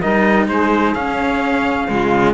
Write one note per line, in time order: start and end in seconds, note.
0.00 0.48 G3
0.00 0.95 D#4
0.00 0.47 A#4
0.00 0.47 D#5
0.48 0.94 G#3
0.48 1.89 G#4
0.48 0.94 C5
0.94 1.87 C#4
0.94 1.88 C#4
0.94 2.33 F5
1.88 2.33 C#3
1.88 2.33 G#3
1.88 2.33 F4